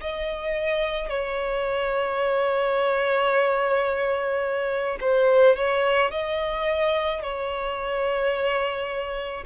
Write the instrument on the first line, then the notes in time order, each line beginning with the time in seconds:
violin
0.00 D#5
1.09 C#5
5.01 C5
5.56 C#5
6.11 D#5
7.22 C#5